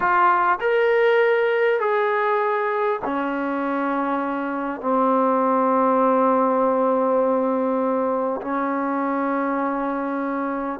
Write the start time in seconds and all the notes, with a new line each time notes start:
0.00 F4
0.60 A#4
1.80 G#4
3.04 C#4
4.80 C4
8.41 C#4